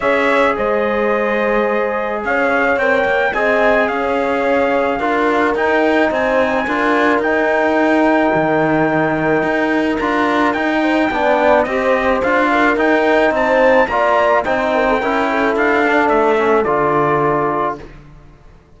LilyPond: <<
  \new Staff \with { instrumentName = "trumpet" } { \time 4/4 \tempo 4 = 108 e''4 dis''2. | f''4 g''4 gis''4 f''4~ | f''2 g''4 gis''4~ | gis''4 g''2.~ |
g''2 ais''4 g''4~ | g''4 dis''4 f''4 g''4 | a''4 ais''4 g''2 | f''4 e''4 d''2 | }
  \new Staff \with { instrumentName = "horn" } { \time 4/4 cis''4 c''2. | cis''2 dis''4 cis''4~ | cis''4 ais'2 c''4 | ais'1~ |
ais'2.~ ais'8 c''8 | d''4 c''4. ais'4. | c''4 d''4 c''8 ais'16 a'16 ais'8 a'8~ | a'1 | }
  \new Staff \with { instrumentName = "trombone" } { \time 4/4 gis'1~ | gis'4 ais'4 gis'2~ | gis'4 f'4 dis'2 | f'4 dis'2.~ |
dis'2 f'4 dis'4 | d'4 g'4 f'4 dis'4~ | dis'4 f'4 dis'4 e'4~ | e'8 d'4 cis'8 f'2 | }
  \new Staff \with { instrumentName = "cello" } { \time 4/4 cis'4 gis2. | cis'4 c'8 ais8 c'4 cis'4~ | cis'4 d'4 dis'4 c'4 | d'4 dis'2 dis4~ |
dis4 dis'4 d'4 dis'4 | b4 c'4 d'4 dis'4 | c'4 ais4 c'4 cis'4 | d'4 a4 d2 | }
>>